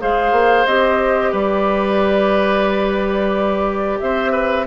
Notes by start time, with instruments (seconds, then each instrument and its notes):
0.00 bassoon G#3, clarinet G#4, oboe C5, flute F5
0.32 bassoon A#3
0.67 bassoon C4, clarinet G4, flute D#5
1.32 bassoon G3, oboe B4, flute D5
4.00 bassoon C4, oboe C5, flute E5
4.32 oboe B4